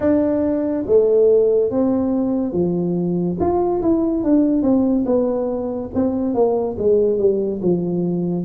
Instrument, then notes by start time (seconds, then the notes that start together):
tuba
0.00 D4
0.86 A3
1.71 C4
2.52 F3
3.39 F4
3.81 E4
4.23 D4
4.62 C4
5.05 B3
5.94 C4
6.34 A#3
6.78 G#3
7.18 G3
7.62 F3